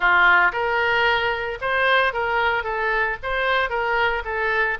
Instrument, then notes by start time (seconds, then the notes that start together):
oboe
0.00 F4
0.52 A#4
1.61 C5
2.13 A#4
2.63 A4
3.22 C5
3.69 A#4
4.25 A4